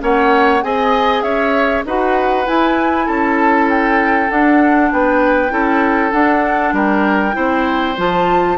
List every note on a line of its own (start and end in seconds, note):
0.00 0.64 A#3
0.00 0.61 C#4
0.00 0.65 C#5
0.00 0.64 F#5
0.62 1.23 C4
0.62 1.85 G#4
0.62 1.23 D#5
0.62 1.22 G#5
1.22 1.84 C#4
1.22 1.85 C#5
1.22 1.83 E5
1.86 2.47 D#4
1.86 2.46 F#4
1.86 3.07 B4
1.86 2.48 F#5
2.46 4.29 E4
2.46 3.08 E4
2.46 3.08 G#5
3.07 4.30 C#4
3.07 4.90 A4
3.07 3.70 A5
3.70 4.31 G5
4.29 5.50 D4
4.29 4.92 D4
4.29 4.92 F#5
4.92 5.51 B3
4.92 5.53 B4
4.92 6.12 G5
5.50 6.12 C#4
5.50 6.11 E4
5.50 6.75 A4
6.12 7.33 D4
6.12 6.73 D4
6.12 6.74 F#5
6.73 7.34 G3
6.73 7.36 A#4
6.73 7.99 G5
7.33 7.98 C4
7.33 7.94 E4
7.33 8.59 C5
7.98 8.59 F3
7.98 8.59 F4
7.98 8.59 A5